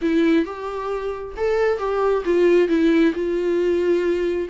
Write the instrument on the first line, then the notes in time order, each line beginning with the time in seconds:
viola
0.01 E4
0.45 G4
1.36 A4
1.78 G4
2.25 F4
2.68 E4
3.14 F4